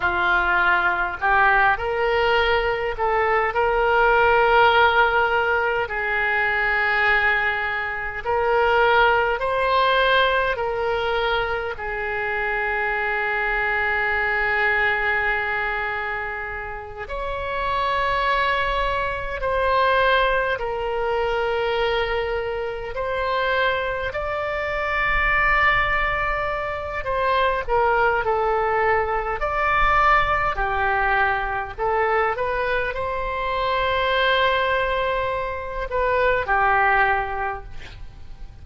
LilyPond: \new Staff \with { instrumentName = "oboe" } { \time 4/4 \tempo 4 = 51 f'4 g'8 ais'4 a'8 ais'4~ | ais'4 gis'2 ais'4 | c''4 ais'4 gis'2~ | gis'2~ gis'8 cis''4.~ |
cis''8 c''4 ais'2 c''8~ | c''8 d''2~ d''8 c''8 ais'8 | a'4 d''4 g'4 a'8 b'8 | c''2~ c''8 b'8 g'4 | }